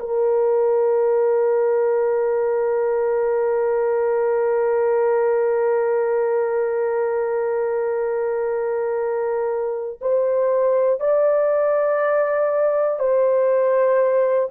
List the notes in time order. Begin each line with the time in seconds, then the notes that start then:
0.00 A#4
10.01 C5
11.00 D5
13.00 C5